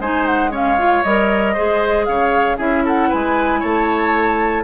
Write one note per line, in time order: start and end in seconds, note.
0.00 1.03 G#3
0.00 0.51 D#4
0.00 0.52 C5
0.00 0.26 G#5
0.26 0.52 F#5
0.51 0.77 C#4
0.51 1.54 C#5
0.51 1.04 F5
0.78 1.04 F4
1.04 1.56 G3
1.04 1.56 A#4
1.04 2.06 D#5
1.54 2.08 G#3
1.54 2.59 G#4
1.54 2.05 C5
2.06 2.59 C#3
2.06 2.57 C#5
2.06 2.58 F5
2.57 3.10 C#4
2.57 4.64 E4
2.57 2.83 G#4
2.57 2.85 E5
2.85 3.09 A4
2.85 3.12 F#5
3.09 3.63 G#3
3.09 3.60 B4
3.09 3.62 G#5
3.60 4.64 A3
3.60 4.64 C#5
3.60 4.64 A5